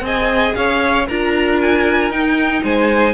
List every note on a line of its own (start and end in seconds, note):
0.00 0.52 C4
0.00 1.06 G#4
0.00 0.56 D#5
0.06 0.54 G#5
0.54 1.08 C#4
0.54 1.07 C#5
0.54 1.06 F5
1.07 2.10 D4
1.07 2.12 F4
1.07 2.62 A#4
1.07 1.59 A#5
1.61 2.11 G#5
2.10 2.62 D#4
2.10 3.13 D#4
2.10 2.63 G5
2.63 3.13 G#3
2.63 3.13 C5
2.63 3.13 G#5